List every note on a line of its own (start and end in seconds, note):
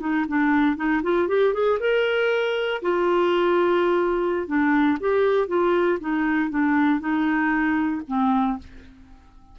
0.00 0.25 D#4
0.28 0.76 D4
0.76 1.01 D#4
1.02 1.28 F4
1.28 1.53 G4
1.53 1.79 G#4
1.80 2.81 A#4
2.82 4.47 F4
4.47 4.98 D4
5.00 5.48 G4
5.48 5.98 F4
6.00 6.50 D#4
6.50 7.00 D4
7.00 8.02 D#4
8.07 8.58 C4